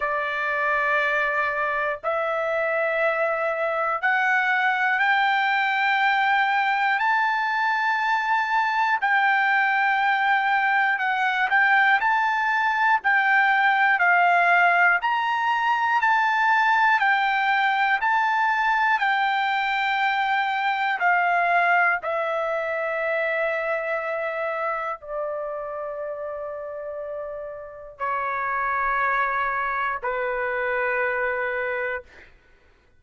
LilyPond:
\new Staff \with { instrumentName = "trumpet" } { \time 4/4 \tempo 4 = 60 d''2 e''2 | fis''4 g''2 a''4~ | a''4 g''2 fis''8 g''8 | a''4 g''4 f''4 ais''4 |
a''4 g''4 a''4 g''4~ | g''4 f''4 e''2~ | e''4 d''2. | cis''2 b'2 | }